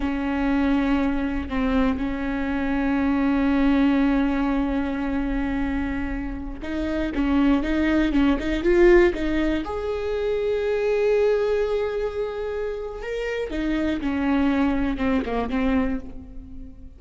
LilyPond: \new Staff \with { instrumentName = "viola" } { \time 4/4 \tempo 4 = 120 cis'2. c'4 | cis'1~ | cis'1~ | cis'4~ cis'16 dis'4 cis'4 dis'8.~ |
dis'16 cis'8 dis'8 f'4 dis'4 gis'8.~ | gis'1~ | gis'2 ais'4 dis'4 | cis'2 c'8 ais8 c'4 | }